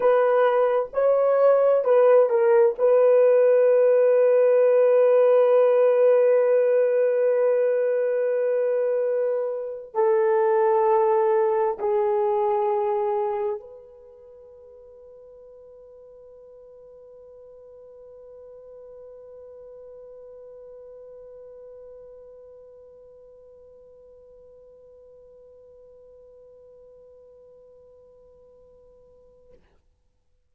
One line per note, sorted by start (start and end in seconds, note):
0.00 0.89 B4
0.93 1.84 C#5
1.84 2.29 B4
2.29 2.75 A#4
2.78 9.94 B4
9.94 11.78 A4
11.79 13.59 G#4
13.59 29.52 B4